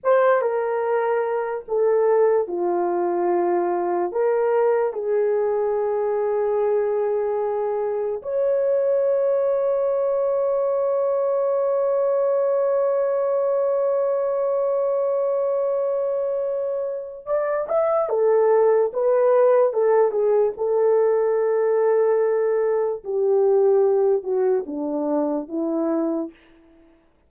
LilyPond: \new Staff \with { instrumentName = "horn" } { \time 4/4 \tempo 4 = 73 c''8 ais'4. a'4 f'4~ | f'4 ais'4 gis'2~ | gis'2 cis''2~ | cis''1~ |
cis''1~ | cis''4 d''8 e''8 a'4 b'4 | a'8 gis'8 a'2. | g'4. fis'8 d'4 e'4 | }